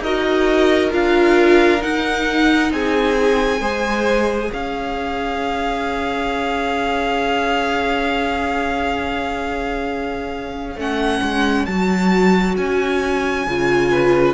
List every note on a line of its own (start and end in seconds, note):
0.00 0.90 D#4
0.00 0.92 F#4
0.00 2.71 A#4
0.00 0.92 D#5
0.92 1.82 D4
0.92 1.79 F4
0.92 1.82 F5
1.79 3.58 D#4
1.79 2.71 D#4
1.79 2.72 F#5
2.71 3.60 C4
2.71 3.61 G#4
2.71 4.51 G#5
3.60 4.50 G#3
3.60 10.77 G#4
3.60 4.50 C5
4.50 10.76 C#4
4.50 13.90 C#5
4.50 10.79 F5
10.76 11.20 A3
10.76 11.68 C#4
10.76 11.65 F#5
11.22 11.66 G#3
11.65 12.57 F#3
11.65 13.47 F#4
11.65 12.55 A5
12.57 13.46 C#4
12.57 14.34 G#5
13.46 14.34 C#3
13.46 14.34 F4
13.90 14.34 B4